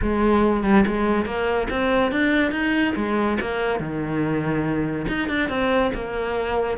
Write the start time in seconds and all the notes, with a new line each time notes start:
0.02 G#3
0.63 G3
0.86 G#3
1.25 A#3
1.69 C4
2.11 D4
2.51 D#4
2.96 G#3
3.40 A#3
3.79 D#3
5.08 D#4
5.28 D4
5.49 C4
5.94 A#3